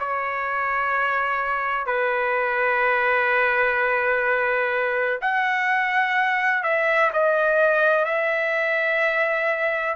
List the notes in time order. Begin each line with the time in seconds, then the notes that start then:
0.00 C#5
1.87 B4
5.21 F#5
6.64 E5
7.13 D#5
8.05 E5